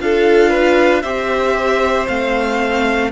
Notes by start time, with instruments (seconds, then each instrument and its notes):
0.00 cello D4, viola F4, violin A4 F5
0.50 violin B4
1.02 cello C4, viola G4, violin C5 E5
2.08 cello A3, viola C4, violin F5